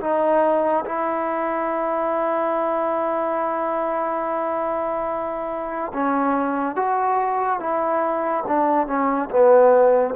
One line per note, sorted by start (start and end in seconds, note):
0.00 0.85 D#4
0.85 5.92 E4
5.93 6.76 C#4
6.76 7.60 F#4
7.60 8.44 E4
8.47 8.87 D4
8.87 9.29 C#4
9.30 10.14 B3